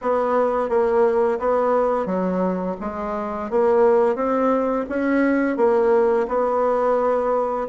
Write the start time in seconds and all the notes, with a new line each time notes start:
0.01 B3
0.68 A#3
1.39 B3
2.05 F#3
2.80 G#3
3.50 A#3
4.15 C4
4.89 C#4
5.57 A#3
6.28 B3